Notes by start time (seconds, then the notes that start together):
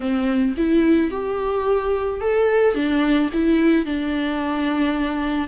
0.00 C4
0.57 E4
1.10 G4
2.20 A4
2.74 D4
3.33 E4
3.85 D4